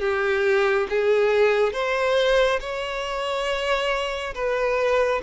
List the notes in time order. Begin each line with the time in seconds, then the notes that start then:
0.00 G4
0.89 G#4
1.73 C5
2.60 C#5
4.34 B4